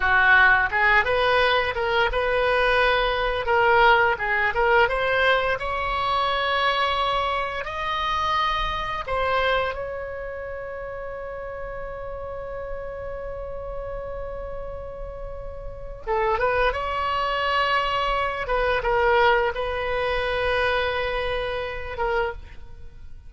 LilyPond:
\new Staff \with { instrumentName = "oboe" } { \time 4/4 \tempo 4 = 86 fis'4 gis'8 b'4 ais'8 b'4~ | b'4 ais'4 gis'8 ais'8 c''4 | cis''2. dis''4~ | dis''4 c''4 cis''2~ |
cis''1~ | cis''2. a'8 b'8 | cis''2~ cis''8 b'8 ais'4 | b'2.~ b'8 ais'8 | }